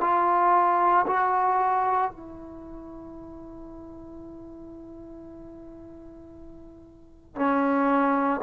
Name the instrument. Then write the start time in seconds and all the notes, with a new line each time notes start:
trombone
0.00 F4
1.06 F#4
2.10 E4
7.35 C#4